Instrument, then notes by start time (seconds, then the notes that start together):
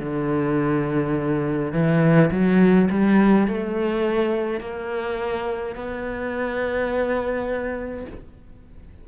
cello
0.00 D3
1.73 E3
2.31 F#3
2.91 G3
3.47 A3
4.60 A#3
5.75 B3